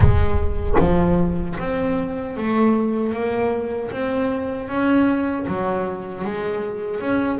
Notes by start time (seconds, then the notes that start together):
0.00 G#3
0.79 F3
1.59 C4
2.37 A3
3.13 A#3
3.91 C4
4.68 C#4
5.47 F#3
6.24 G#3
7.00 C#4